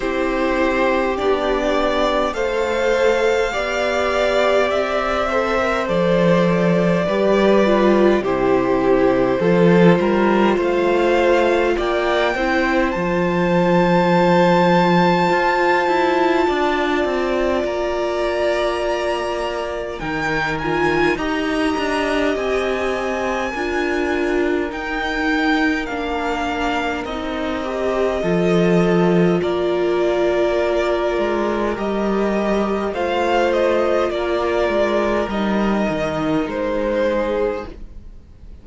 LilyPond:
<<
  \new Staff \with { instrumentName = "violin" } { \time 4/4 \tempo 4 = 51 c''4 d''4 f''2 | e''4 d''2 c''4~ | c''4 f''4 g''4 a''4~ | a''2. ais''4~ |
ais''4 g''8 gis''8 ais''4 gis''4~ | gis''4 g''4 f''4 dis''4~ | dis''4 d''2 dis''4 | f''8 dis''8 d''4 dis''4 c''4 | }
  \new Staff \with { instrumentName = "violin" } { \time 4/4 g'2 c''4 d''4~ | d''8 c''4. b'4 g'4 | a'8 ais'8 c''4 d''8 c''4.~ | c''2 d''2~ |
d''4 ais'4 dis''2 | ais'1 | a'4 ais'2. | c''4 ais'2~ ais'8 gis'8 | }
  \new Staff \with { instrumentName = "viola" } { \time 4/4 e'4 d'4 a'4 g'4~ | g'8 a'16 ais'16 a'4 g'8 f'8 e'4 | f'2~ f'8 e'8 f'4~ | f'1~ |
f'4 dis'8 f'8 g'2 | f'4 dis'4 d'4 dis'8 g'8 | f'2. g'4 | f'2 dis'2 | }
  \new Staff \with { instrumentName = "cello" } { \time 4/4 c'4 b4 a4 b4 | c'4 f4 g4 c4 | f8 g8 a4 ais8 c'8 f4~ | f4 f'8 e'8 d'8 c'8 ais4~ |
ais4 dis4 dis'8 d'8 c'4 | d'4 dis'4 ais4 c'4 | f4 ais4. gis8 g4 | a4 ais8 gis8 g8 dis8 gis4 | }
>>